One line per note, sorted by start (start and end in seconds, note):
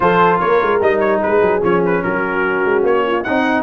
0.00 0.40 F3
0.00 0.81 F4
0.00 0.39 A4
0.00 0.39 C5
0.39 0.62 A#3
0.39 1.20 A#4
0.39 0.80 C#5
0.62 0.81 G#3
0.81 1.21 G3
0.81 1.61 D#4
0.81 0.99 D#5
0.99 1.19 C#5
1.22 1.41 G#3
1.22 2.03 G#4
1.22 1.62 B4
1.41 1.62 F#3
1.61 2.03 F3
1.61 3.23 C#4
1.61 1.83 C#5
1.85 2.03 B4
2.03 2.64 F#3
2.03 3.06 F#4
2.03 2.84 A#4
2.64 2.82 G#3
2.82 3.23 A#3
2.82 3.23 C#5
3.06 3.22 F4
3.22 3.63 C4
3.22 3.63 D#4
3.22 3.63 F#5